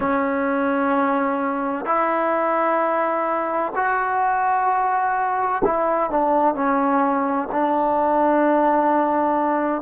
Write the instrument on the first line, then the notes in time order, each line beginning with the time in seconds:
trombone
0.00 C#4
1.85 E4
3.75 F#4
5.64 E4
6.10 D4
6.54 C#4
7.51 D4